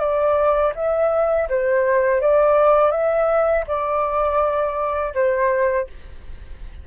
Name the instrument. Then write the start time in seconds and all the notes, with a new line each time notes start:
flute
0.00 D5
0.75 E5
1.49 C5
2.21 D5
2.92 E5
3.67 D5
5.15 C5